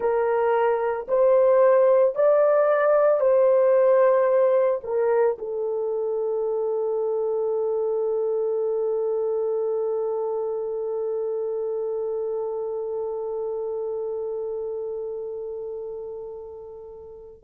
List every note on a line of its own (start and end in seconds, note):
0.00 1.06 A#4
1.08 2.15 C5
2.15 3.20 D5
3.20 4.81 C5
4.83 5.37 A#4
5.38 17.43 A4